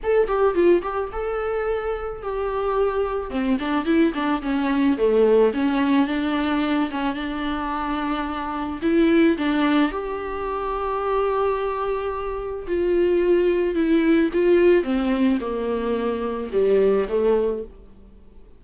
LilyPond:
\new Staff \with { instrumentName = "viola" } { \time 4/4 \tempo 4 = 109 a'8 g'8 f'8 g'8 a'2 | g'2 c'8 d'8 e'8 d'8 | cis'4 a4 cis'4 d'4~ | d'8 cis'8 d'2. |
e'4 d'4 g'2~ | g'2. f'4~ | f'4 e'4 f'4 c'4 | ais2 g4 a4 | }